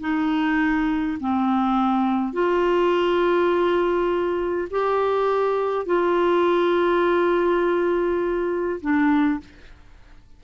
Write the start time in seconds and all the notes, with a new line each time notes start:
0.00 D#4
1.20 C4
2.33 F4
4.70 G4
5.86 F4
8.81 D4